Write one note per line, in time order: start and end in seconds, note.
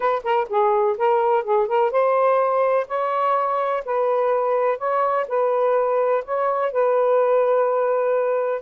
0.00 0.22 B4
0.23 0.47 A#4
0.49 0.97 G#4
0.97 1.44 A#4
1.44 1.67 G#4
1.67 1.91 A#4
1.91 2.87 C5
2.87 3.83 C#5
3.85 4.78 B4
4.78 5.26 C#5
5.28 6.24 B4
6.24 6.72 C#5
6.72 8.61 B4